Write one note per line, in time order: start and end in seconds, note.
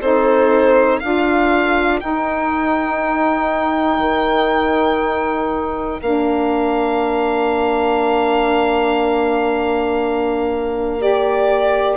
0.00 1.00 C4
0.00 1.01 D#4
0.00 1.00 A4
0.00 0.99 C5
0.99 2.02 D4
0.99 2.00 F4
0.99 11.97 A#4
0.99 1.99 F5
2.00 6.00 D#4
2.00 3.98 D#4
2.00 6.00 G5
3.98 5.98 D#3
6.01 11.97 A#3
6.01 10.98 D4
6.01 11.01 F5
10.98 11.97 G4
10.98 11.97 D5